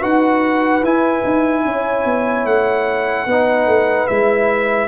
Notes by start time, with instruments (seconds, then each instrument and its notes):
0.00 tuba D#4, trombone F#4, horn B4, trumpet F#5
0.82 tuba E4, trombone E4, trumpet G#5
1.25 tuba D#4
1.65 tuba C#4, horn C#5
2.05 tuba B3
2.45 tuba A3, trumpet F#5
3.26 tuba B3, trombone D#4, horn B4
3.67 tuba A3
4.07 tuba G#3, trombone E4, trumpet E5